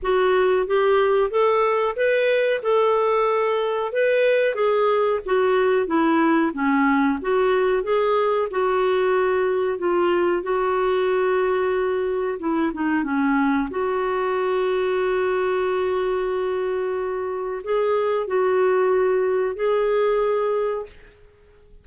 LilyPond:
\new Staff \with { instrumentName = "clarinet" } { \time 4/4 \tempo 4 = 92 fis'4 g'4 a'4 b'4 | a'2 b'4 gis'4 | fis'4 e'4 cis'4 fis'4 | gis'4 fis'2 f'4 |
fis'2. e'8 dis'8 | cis'4 fis'2.~ | fis'2. gis'4 | fis'2 gis'2 | }